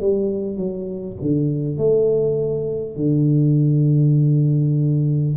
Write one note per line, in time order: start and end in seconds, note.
0.00 0.57 G3
0.57 1.17 F#3
1.21 1.77 D3
1.77 2.96 A3
2.96 5.36 D3